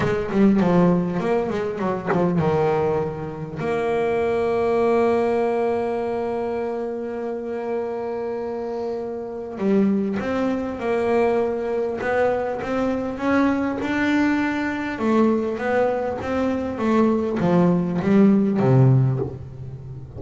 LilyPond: \new Staff \with { instrumentName = "double bass" } { \time 4/4 \tempo 4 = 100 gis8 g8 f4 ais8 gis8 fis8 f8 | dis2 ais2~ | ais1~ | ais1 |
g4 c'4 ais2 | b4 c'4 cis'4 d'4~ | d'4 a4 b4 c'4 | a4 f4 g4 c4 | }